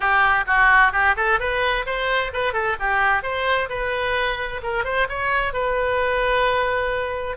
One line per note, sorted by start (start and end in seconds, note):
0.00 0.44 G4
0.46 0.92 F#4
0.92 1.15 G4
1.16 1.39 A4
1.39 1.85 B4
1.85 2.32 C5
2.33 2.53 B4
2.53 2.76 A4
2.79 3.22 G4
3.22 3.68 C5
3.69 4.61 B4
4.62 4.84 A#4
4.84 5.07 C5
5.08 5.53 C#5
5.53 7.37 B4